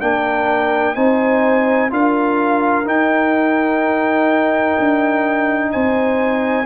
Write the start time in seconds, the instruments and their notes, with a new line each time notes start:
0.00 tuba A#3, trombone D4, horn A#4, trumpet G5
0.95 tuba C4, trombone D#4, horn C5, trumpet G#5
1.90 tuba D4, trombone F4, horn A#4, trumpet F5
2.85 trombone D#4, tuba D#4, trumpet G5
4.79 tuba D4
5.72 tuba C4, horn C5, trumpet G#5